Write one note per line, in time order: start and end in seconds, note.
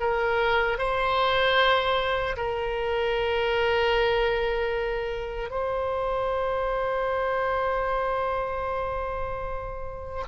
0.00 0.78 A#4
0.78 2.36 C5
2.36 5.50 A#4
5.50 10.23 C5